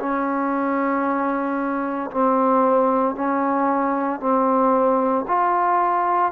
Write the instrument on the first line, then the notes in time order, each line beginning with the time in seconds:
trombone
0.00 C#4
2.11 C4
3.15 C#4
4.21 C4
5.28 F4